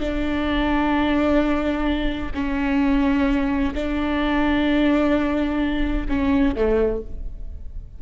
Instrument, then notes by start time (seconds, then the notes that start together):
viola
0.00 D4
2.35 C#4
3.75 D4
6.09 C#4
6.56 A3